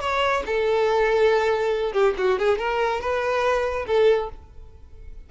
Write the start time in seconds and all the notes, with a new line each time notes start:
0.00 C#5
0.46 A4
1.92 G4
2.17 F#4
2.38 G#4
2.58 A#4
3.00 B4
3.86 A4